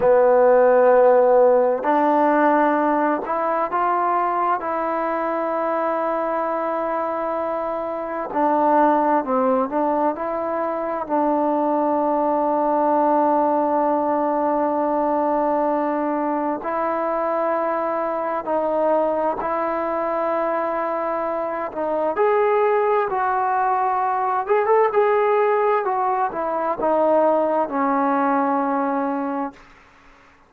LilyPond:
\new Staff \with { instrumentName = "trombone" } { \time 4/4 \tempo 4 = 65 b2 d'4. e'8 | f'4 e'2.~ | e'4 d'4 c'8 d'8 e'4 | d'1~ |
d'2 e'2 | dis'4 e'2~ e'8 dis'8 | gis'4 fis'4. gis'16 a'16 gis'4 | fis'8 e'8 dis'4 cis'2 | }